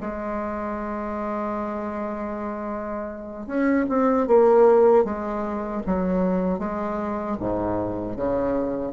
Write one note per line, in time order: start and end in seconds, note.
0.00 3.46 G#3
3.46 3.85 C#4
3.88 4.27 C4
4.27 5.04 A#3
5.04 5.82 G#3
5.86 6.58 F#3
6.58 7.36 G#3
7.40 8.16 G#2
8.16 8.92 C#3